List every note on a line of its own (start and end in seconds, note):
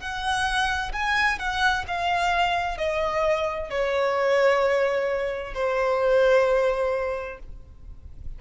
0.00 0.92 F#5
0.93 1.39 G#5
1.39 1.85 F#5
1.88 2.78 F5
2.78 3.70 D#5
3.70 5.54 C#5
5.54 7.39 C5